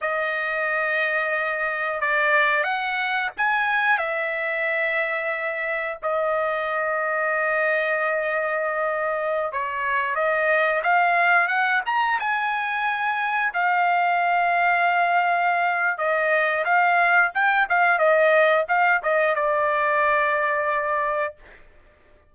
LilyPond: \new Staff \with { instrumentName = "trumpet" } { \time 4/4 \tempo 4 = 90 dis''2. d''4 | fis''4 gis''4 e''2~ | e''4 dis''2.~ | dis''2~ dis''16 cis''4 dis''8.~ |
dis''16 f''4 fis''8 ais''8 gis''4.~ gis''16~ | gis''16 f''2.~ f''8. | dis''4 f''4 g''8 f''8 dis''4 | f''8 dis''8 d''2. | }